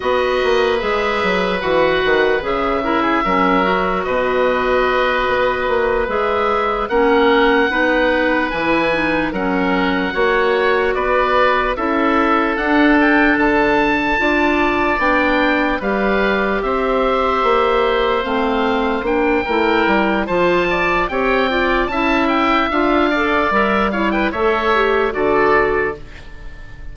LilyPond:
<<
  \new Staff \with { instrumentName = "oboe" } { \time 4/4 \tempo 4 = 74 dis''4 e''4 fis''4 e''4~ | e''4 dis''2~ dis''8 e''8~ | e''8 fis''2 gis''4 fis''8~ | fis''4. d''4 e''4 fis''8 |
g''8 a''2 g''4 f''8~ | f''8 e''2 f''4 g''8~ | g''4 a''4 g''4 a''8 g''8 | f''4 e''8 f''16 g''16 e''4 d''4 | }
  \new Staff \with { instrumentName = "oboe" } { \time 4/4 b'2.~ b'8 ais'16 gis'16 | ais'4 b'2.~ | b'8 ais'4 b'2 ais'8~ | ais'8 cis''4 b'4 a'4.~ |
a'4. d''2 b'8~ | b'8 c''2.~ c''8 | ais'4 c''8 d''8 cis''8 d''8 e''4~ | e''8 d''4 cis''16 b'16 cis''4 a'4 | }
  \new Staff \with { instrumentName = "clarinet" } { \time 4/4 fis'4 gis'4 fis'4 gis'8 e'8 | cis'8 fis'2. gis'8~ | gis'8 cis'4 dis'4 e'8 dis'8 cis'8~ | cis'8 fis'2 e'4 d'8~ |
d'4. f'4 d'4 g'8~ | g'2~ g'8 c'4 d'8 | e'4 f'4 g'8 f'8 e'4 | f'8 a'8 ais'8 e'8 a'8 g'8 fis'4 | }
  \new Staff \with { instrumentName = "bassoon" } { \time 4/4 b8 ais8 gis8 fis8 e8 dis8 cis4 | fis4 b,4. b8 ais8 gis8~ | gis8 ais4 b4 e4 fis8~ | fis8 ais4 b4 cis'4 d'8~ |
d'8 d4 d'4 b4 g8~ | g8 c'4 ais4 a4 ais8 | a8 g8 f4 c'4 cis'4 | d'4 g4 a4 d4 | }
>>